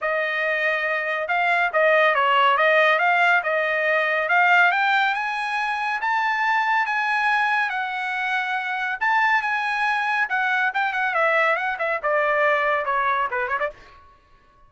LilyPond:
\new Staff \with { instrumentName = "trumpet" } { \time 4/4 \tempo 4 = 140 dis''2. f''4 | dis''4 cis''4 dis''4 f''4 | dis''2 f''4 g''4 | gis''2 a''2 |
gis''2 fis''2~ | fis''4 a''4 gis''2 | fis''4 g''8 fis''8 e''4 fis''8 e''8 | d''2 cis''4 b'8 cis''16 d''16 | }